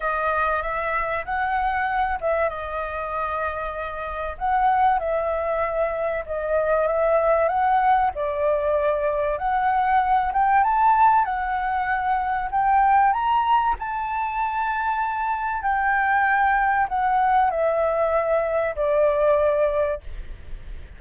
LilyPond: \new Staff \with { instrumentName = "flute" } { \time 4/4 \tempo 4 = 96 dis''4 e''4 fis''4. e''8 | dis''2. fis''4 | e''2 dis''4 e''4 | fis''4 d''2 fis''4~ |
fis''8 g''8 a''4 fis''2 | g''4 ais''4 a''2~ | a''4 g''2 fis''4 | e''2 d''2 | }